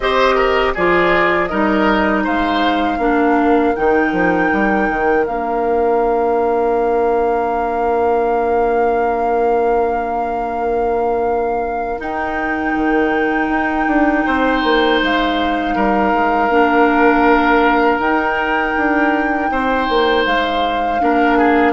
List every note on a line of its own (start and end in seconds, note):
0.00 0.73 C4
0.00 0.76 G4
0.00 0.35 C5
0.00 0.74 D#5
0.35 0.72 A#4
0.74 1.51 F3
0.74 1.50 F4
0.74 1.49 G#4
0.74 1.46 D5
1.46 2.27 G3
1.46 2.99 D#4
1.46 2.23 A#4
1.46 2.21 D#5
2.23 2.98 G#3
2.23 2.98 C5
2.23 3.75 F5
2.98 3.73 A#3
2.98 3.74 D4
2.98 14.23 A#4
3.75 4.12 D#3
3.75 5.24 D#4
3.75 5.25 G5
4.12 4.49 F3
4.52 4.89 G3
4.89 5.27 D#3
5.24 11.99 A#3
5.24 11.98 D4
5.24 12.00 F5
11.98 16.48 D#4
11.98 12.74 D#4
11.98 15.01 G5
12.75 13.48 D#3
13.48 13.86 D#4
13.87 14.24 D4
14.25 14.63 C4
14.25 15.75 C5
14.63 15.01 A#3
15.02 15.75 G#3
15.02 17.99 F5
15.75 16.12 G3
15.75 19.50 A#4
16.12 16.49 G#3
16.49 17.98 A#3
16.49 18.00 D4
17.98 18.73 D#4
17.98 21.00 D#4
17.98 20.24 G5
18.77 19.50 D4
19.50 19.88 C4
19.50 21.01 C5
19.89 20.26 A#3
20.25 21.01 G#3
20.25 21.72 F5
21.00 21.72 A#3
21.00 21.72 D4
21.00 21.38 A#4
21.38 21.72 G#4